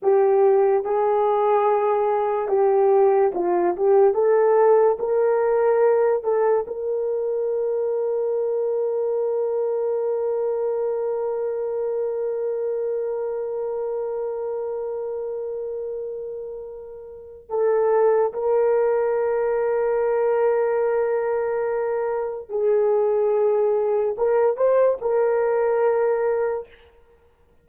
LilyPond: \new Staff \with { instrumentName = "horn" } { \time 4/4 \tempo 4 = 72 g'4 gis'2 g'4 | f'8 g'8 a'4 ais'4. a'8 | ais'1~ | ais'1~ |
ais'1~ | ais'4 a'4 ais'2~ | ais'2. gis'4~ | gis'4 ais'8 c''8 ais'2 | }